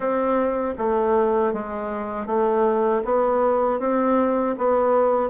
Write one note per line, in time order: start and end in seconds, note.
0.00 0.74 C4
0.78 1.53 A3
1.53 2.26 G#3
2.26 3.02 A3
3.04 3.79 B3
3.79 4.55 C4
4.58 5.29 B3